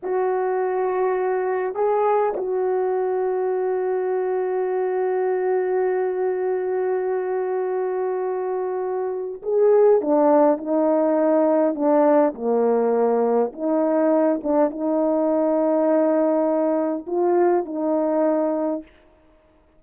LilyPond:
\new Staff \with { instrumentName = "horn" } { \time 4/4 \tempo 4 = 102 fis'2. gis'4 | fis'1~ | fis'1~ | fis'1 |
gis'4 d'4 dis'2 | d'4 ais2 dis'4~ | dis'8 d'8 dis'2.~ | dis'4 f'4 dis'2 | }